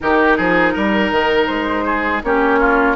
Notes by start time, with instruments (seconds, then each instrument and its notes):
0.00 bassoon D#3, clarinet D#4, oboe G4, flute A#4
0.37 bassoon F3, oboe G#4
0.73 bassoon G3, oboe A#4
1.11 bassoon D#3
1.46 bassoon G#3, flute C5
1.85 oboe G#4
2.23 bassoon A#3, clarinet C#4, oboe G4, flute C#5
2.59 oboe F4